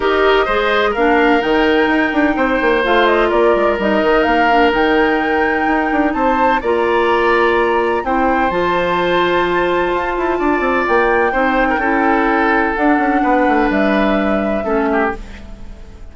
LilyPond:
<<
  \new Staff \with { instrumentName = "flute" } { \time 4/4 \tempo 4 = 127 dis''2 f''4 g''4~ | g''2 f''8 dis''8 d''4 | dis''4 f''4 g''2~ | g''4 a''4 ais''2~ |
ais''4 g''4 a''2~ | a''2. g''4~ | g''2. fis''4~ | fis''4 e''2. | }
  \new Staff \with { instrumentName = "oboe" } { \time 4/4 ais'4 c''4 ais'2~ | ais'4 c''2 ais'4~ | ais'1~ | ais'4 c''4 d''2~ |
d''4 c''2.~ | c''2 d''2 | c''8. ais'16 a'2. | b'2. a'8 g'8 | }
  \new Staff \with { instrumentName = "clarinet" } { \time 4/4 g'4 gis'4 d'4 dis'4~ | dis'2 f'2 | dis'4. d'8 dis'2~ | dis'2 f'2~ |
f'4 e'4 f'2~ | f'1 | dis'4 e'2 d'4~ | d'2. cis'4 | }
  \new Staff \with { instrumentName = "bassoon" } { \time 4/4 dis'4 gis4 ais4 dis4 | dis'8 d'8 c'8 ais8 a4 ais8 gis8 | g8 dis8 ais4 dis2 | dis'8 d'8 c'4 ais2~ |
ais4 c'4 f2~ | f4 f'8 e'8 d'8 c'8 ais4 | c'4 cis'2 d'8 cis'8 | b8 a8 g2 a4 | }
>>